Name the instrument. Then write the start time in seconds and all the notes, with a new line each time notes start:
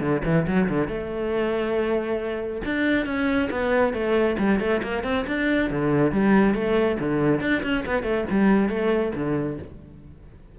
cello
0.00 D3
0.24 E3
0.47 F#3
0.69 D3
0.88 A3
2.65 D4
3.05 C#4
3.50 B3
3.93 A3
4.38 G3
4.59 A3
4.82 A#3
5.03 C4
5.27 D4
5.70 D3
6.11 G3
6.54 A3
6.99 D3
7.40 D4
7.62 C#4
7.85 B3
8.03 A3
8.30 G3
8.68 A3
9.15 D3